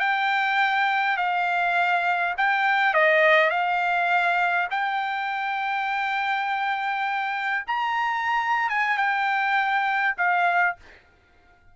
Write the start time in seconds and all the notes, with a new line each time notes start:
0.00 G5
1.17 F5
2.37 G5
2.94 D#5
3.50 F5
4.71 G5
7.67 A#5
8.69 G#5
8.97 G5
10.18 F5